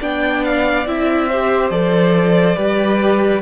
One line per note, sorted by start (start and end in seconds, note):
0.00 0.86 B3
0.00 0.86 D4
0.00 1.28 D5
0.00 0.44 G5
0.44 0.87 F5
0.86 1.70 C4
0.86 1.29 E4
0.86 1.69 E5
1.28 1.71 G4
1.28 2.56 C5
1.69 2.56 F3
1.69 2.55 A4
1.69 3.41 D5
2.55 3.42 G3
2.55 3.41 G4
2.55 3.42 B4